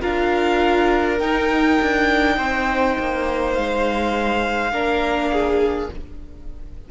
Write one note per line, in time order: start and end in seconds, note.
0.00 1.20 D4
0.00 1.18 F4
0.00 2.36 A#4
0.00 1.19 F5
1.19 1.79 D#4
1.19 4.72 D#4
1.19 3.53 G5
1.82 2.38 D4
2.36 2.97 C4
2.36 4.72 C5
2.99 3.57 A#3
3.53 4.71 G#3
3.53 5.89 F5
4.71 5.89 A#3
4.71 5.89 D4
4.71 5.31 A#4
5.32 5.91 G#4